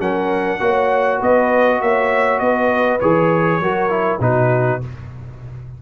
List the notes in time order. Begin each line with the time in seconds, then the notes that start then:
0.00 F#3 C#4 A#4 F#5
0.60 A#3 F#4 C#5
1.20 B3 B4 D#5
1.81 A#3 C#5 E5
2.40 B3 B4 D#5
3.00 E3 G#4 C#5
3.60 F#3 F#4 A#4
3.90 E4
4.21 B2 D#4 F#4 B4